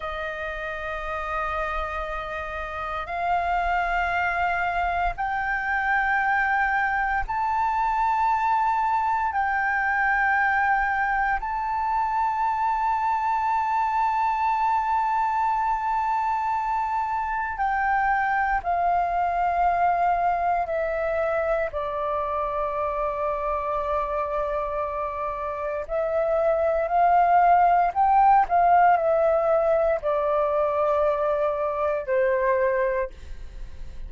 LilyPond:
\new Staff \with { instrumentName = "flute" } { \time 4/4 \tempo 4 = 58 dis''2. f''4~ | f''4 g''2 a''4~ | a''4 g''2 a''4~ | a''1~ |
a''4 g''4 f''2 | e''4 d''2.~ | d''4 e''4 f''4 g''8 f''8 | e''4 d''2 c''4 | }